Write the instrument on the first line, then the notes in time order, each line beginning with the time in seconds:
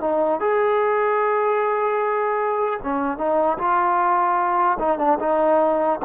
trombone
0.00 D#4
0.40 G#4
2.82 C#4
3.17 D#4
3.58 F4
4.79 D#4
4.98 D4
5.19 D#4